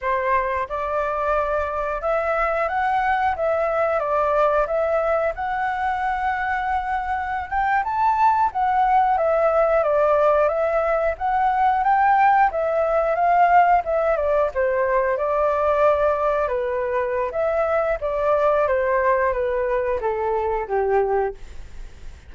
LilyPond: \new Staff \with { instrumentName = "flute" } { \time 4/4 \tempo 4 = 90 c''4 d''2 e''4 | fis''4 e''4 d''4 e''4 | fis''2.~ fis''16 g''8 a''16~ | a''8. fis''4 e''4 d''4 e''16~ |
e''8. fis''4 g''4 e''4 f''16~ | f''8. e''8 d''8 c''4 d''4~ d''16~ | d''8. b'4~ b'16 e''4 d''4 | c''4 b'4 a'4 g'4 | }